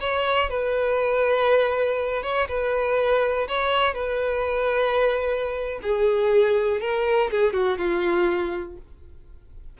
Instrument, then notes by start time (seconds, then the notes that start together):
violin
0.00 C#5
0.50 B4
2.23 C#5
2.48 B4
3.48 C#5
3.94 B4
5.82 G#4
6.81 A#4
7.30 G#4
7.53 F#4
7.78 F4